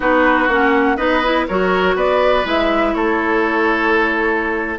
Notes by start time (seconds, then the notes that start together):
0.00 B3 D#4 F#4 B4
0.48 A#3 C#4 F#5
0.96 B3 D#4 B4 D#5
1.23 E4
1.47 F#3 F#4 A#4 C#5
1.95 B3 B4 D5
2.43 G#3 E4 E5
2.94 A3 A4 C#5